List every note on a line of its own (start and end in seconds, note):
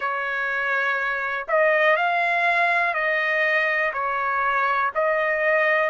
0.00 1.47 C#5
1.48 1.96 D#5
1.96 2.93 F5
2.93 3.92 D#5
3.93 4.91 C#5
4.94 5.90 D#5